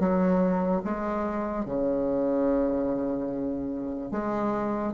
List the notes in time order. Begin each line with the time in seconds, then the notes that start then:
0.00 F#3
0.85 G#3
1.66 C#3
4.12 G#3